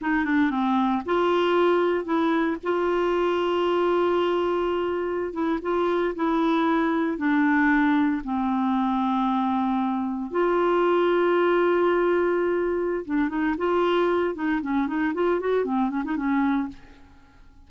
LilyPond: \new Staff \with { instrumentName = "clarinet" } { \time 4/4 \tempo 4 = 115 dis'8 d'8 c'4 f'2 | e'4 f'2.~ | f'2~ f'16 e'8 f'4 e'16~ | e'4.~ e'16 d'2 c'16~ |
c'2.~ c'8. f'16~ | f'1~ | f'4 d'8 dis'8 f'4. dis'8 | cis'8 dis'8 f'8 fis'8 c'8 cis'16 dis'16 cis'4 | }